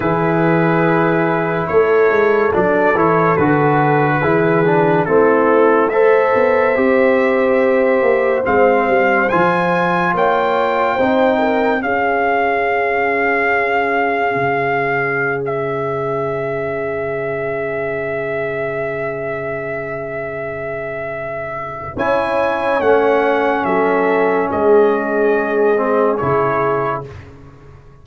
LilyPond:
<<
  \new Staff \with { instrumentName = "trumpet" } { \time 4/4 \tempo 4 = 71 b'2 cis''4 d''8 cis''8 | b'2 a'4 e''4~ | e''2 f''4 gis''4 | g''2 f''2~ |
f''2~ f''16 e''4.~ e''16~ | e''1~ | e''2 gis''4 fis''4 | e''4 dis''2 cis''4 | }
  \new Staff \with { instrumentName = "horn" } { \time 4/4 gis'2 a'2~ | a'4 gis'4 e'4 c''4~ | c''1 | cis''4 c''8 ais'8 gis'2~ |
gis'1~ | gis'1~ | gis'2 cis''2 | a'4 gis'2. | }
  \new Staff \with { instrumentName = "trombone" } { \time 4/4 e'2. d'8 e'8 | fis'4 e'8 d'8 c'4 a'4 | g'2 c'4 f'4~ | f'4 dis'4 cis'2~ |
cis'1~ | cis'1~ | cis'2 e'4 cis'4~ | cis'2~ cis'8 c'8 e'4 | }
  \new Staff \with { instrumentName = "tuba" } { \time 4/4 e2 a8 gis8 fis8 e8 | d4 e4 a4. b8 | c'4. ais8 gis8 g8 f4 | ais4 c'4 cis'2~ |
cis'4 cis2.~ | cis1~ | cis2 cis'4 a4 | fis4 gis2 cis4 | }
>>